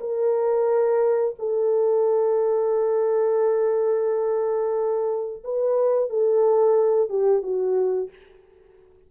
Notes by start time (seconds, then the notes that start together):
0.00 A#4
1.39 A4
5.44 B4
6.09 A4
7.09 G4
7.42 F#4